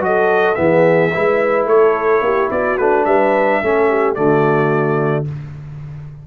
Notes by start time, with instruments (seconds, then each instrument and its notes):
0.00 tuba F#3, trombone F#4, horn A4, trumpet D#5
0.54 tuba E3, trombone B3, horn G#4, trumpet E5
1.14 tuba G#3, trombone E4, horn B4
1.65 tuba A3, horn A4, trumpet C#5
2.21 tuba A#3, horn G4
2.51 tuba B3, horn F#4, trumpet D5
2.78 tuba A3, trombone D4, trumpet B4
3.05 tuba G3, horn B4, trumpet E5
3.62 tuba A3, trombone C#4, horn A4
3.89 horn G4
4.15 tuba D3, trombone A3, horn F#4, trumpet D5